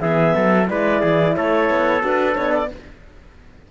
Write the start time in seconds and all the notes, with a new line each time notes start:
0.00 E3 B3 G#4 E5
0.35 F#3 A4
0.67 G#3 E4 B4 D5
1.00 E3 G#4
1.36 A3 A4 C#5
1.70 B3
2.01 D4 F#4 B4
2.35 B3 D4 C#5
2.52 D5